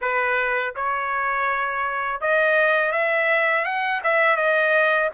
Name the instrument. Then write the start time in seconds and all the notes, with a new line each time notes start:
trumpet
0.01 B4
0.75 C#5
2.21 D#5
2.92 E5
3.64 F#5
4.03 E5
4.36 D#5